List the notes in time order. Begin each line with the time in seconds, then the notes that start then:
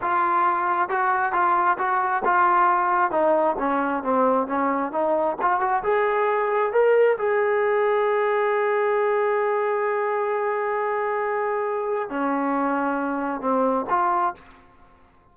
0.01 F4
0.89 F#4
1.32 F4
1.78 F#4
2.24 F4
3.11 D#4
3.58 C#4
4.03 C4
4.47 C#4
4.92 D#4
5.41 F4
5.60 F#4
5.83 G#4
6.72 A#4
7.18 G#4
12.09 C#4
13.40 C4
13.89 F4